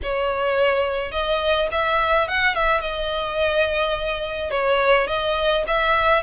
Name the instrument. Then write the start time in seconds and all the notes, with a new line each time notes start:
violin
0.03 C#5
1.11 D#5
1.71 E5
2.28 F#5
2.55 E5
2.80 D#5
4.51 C#5
5.07 D#5
5.67 E5